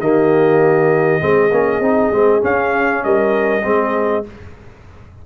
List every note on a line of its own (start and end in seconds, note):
0.00 1.21 D#3
0.00 1.20 A#3
0.00 1.24 G4
0.00 2.43 D#5
1.20 1.52 G#3
1.20 1.50 C4
1.20 3.05 G#4
1.52 1.80 A#3
1.52 1.83 C#4
1.80 2.10 C4
1.80 2.13 D#4
2.12 2.42 G#3
2.12 2.41 C4
2.41 3.62 C#4
2.41 3.05 C#4
2.41 3.04 F5
3.04 3.64 G3
3.04 3.65 A#4
3.04 4.26 D#5
3.64 4.25 G#3
3.64 4.24 C4
3.64 4.26 G#4